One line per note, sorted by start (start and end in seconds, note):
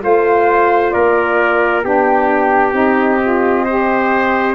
0.00 0.93 A3
0.00 1.82 F4
0.00 0.93 C5
0.00 0.91 F5
0.91 1.84 A#3
0.91 1.84 A#4
0.91 1.81 D5
1.83 2.72 B3
1.83 2.73 D4
1.83 3.64 G4
1.83 2.73 G5
2.72 4.54 C4
2.72 3.18 D#4
2.72 4.55 D#5
3.22 3.67 F4
3.64 4.55 G4
3.64 4.55 C5